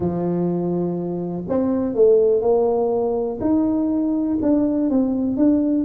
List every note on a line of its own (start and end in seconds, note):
0.00 1.43 F3
1.48 1.94 C4
1.94 2.41 A3
2.41 3.39 A#3
3.40 4.38 D#4
4.41 4.90 D4
4.90 5.36 C4
5.36 5.84 D4